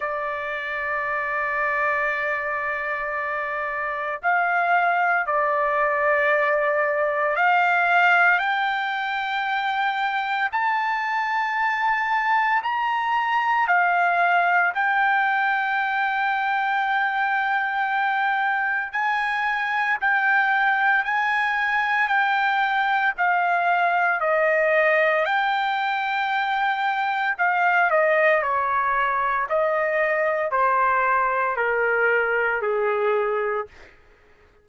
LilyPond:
\new Staff \with { instrumentName = "trumpet" } { \time 4/4 \tempo 4 = 57 d''1 | f''4 d''2 f''4 | g''2 a''2 | ais''4 f''4 g''2~ |
g''2 gis''4 g''4 | gis''4 g''4 f''4 dis''4 | g''2 f''8 dis''8 cis''4 | dis''4 c''4 ais'4 gis'4 | }